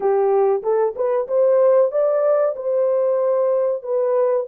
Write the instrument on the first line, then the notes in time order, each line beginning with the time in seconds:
horn
0.00 G4
0.62 A4
0.95 B4
1.27 C5
1.91 D5
2.56 C5
3.83 B4